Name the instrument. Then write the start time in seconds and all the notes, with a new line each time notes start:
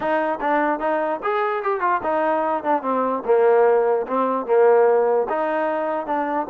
trombone
0.00 D#4
0.41 D4
0.79 D#4
1.22 G#4
1.63 G4
1.80 F4
2.03 D#4
2.63 D4
2.82 C4
3.25 A#3
4.07 C4
4.46 A#3
5.29 D#4
6.06 D4